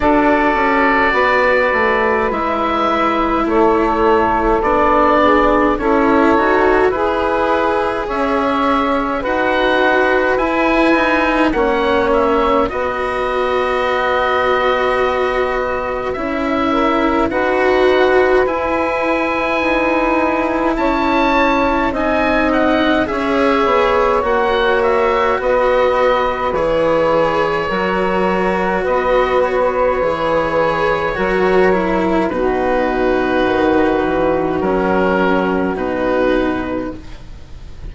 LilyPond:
<<
  \new Staff \with { instrumentName = "oboe" } { \time 4/4 \tempo 4 = 52 d''2 e''4 cis''4 | d''4 cis''4 b'4 e''4 | fis''4 gis''4 fis''8 e''8 dis''4~ | dis''2 e''4 fis''4 |
gis''2 a''4 gis''8 fis''8 | e''4 fis''8 e''8 dis''4 cis''4~ | cis''4 dis''8 cis''2~ cis''8 | b'2 ais'4 b'4 | }
  \new Staff \with { instrumentName = "saxophone" } { \time 4/4 a'4 b'2 a'4~ | a'8 gis'8 a'4 gis'4 cis''4 | b'2 cis''4 b'4~ | b'2~ b'8 ais'8 b'4~ |
b'2 cis''4 dis''4 | cis''2 b'2 | ais'4 b'2 ais'4 | fis'1 | }
  \new Staff \with { instrumentName = "cello" } { \time 4/4 fis'2 e'2 | d'4 e'8 fis'8 gis'2 | fis'4 e'8 dis'8 cis'4 fis'4~ | fis'2 e'4 fis'4 |
e'2. dis'4 | gis'4 fis'2 gis'4 | fis'2 gis'4 fis'8 e'8 | dis'2 cis'4 dis'4 | }
  \new Staff \with { instrumentName = "bassoon" } { \time 4/4 d'8 cis'8 b8 a8 gis4 a4 | b4 cis'8 dis'8 e'4 cis'4 | dis'4 e'4 ais4 b4~ | b2 cis'4 dis'4 |
e'4 dis'4 cis'4 c'4 | cis'8 b8 ais4 b4 e4 | fis4 b4 e4 fis4 | b,4 dis8 e8 fis4 b,4 | }
>>